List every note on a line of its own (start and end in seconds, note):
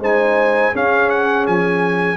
0.00 0.72 G#3
0.00 0.74 D#4
0.00 0.73 C5
0.00 0.76 G#5
0.73 2.17 C#4
0.73 1.48 C#4
0.73 2.17 G#4
0.73 1.10 F5
1.10 1.46 F#5
1.47 2.17 F3
1.47 2.17 G#5